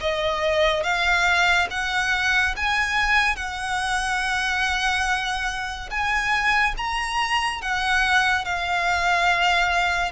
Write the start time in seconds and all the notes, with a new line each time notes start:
0.00 D#5
0.83 F5
1.70 F#5
2.56 G#5
3.36 F#5
5.90 G#5
6.77 A#5
7.61 F#5
8.45 F5